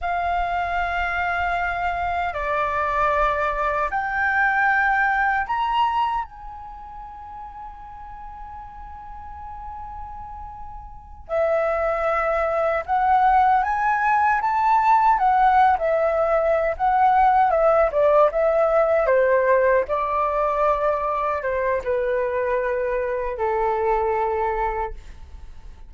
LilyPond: \new Staff \with { instrumentName = "flute" } { \time 4/4 \tempo 4 = 77 f''2. d''4~ | d''4 g''2 ais''4 | gis''1~ | gis''2~ gis''8 e''4.~ |
e''8 fis''4 gis''4 a''4 fis''8~ | fis''16 e''4~ e''16 fis''4 e''8 d''8 e''8~ | e''8 c''4 d''2 c''8 | b'2 a'2 | }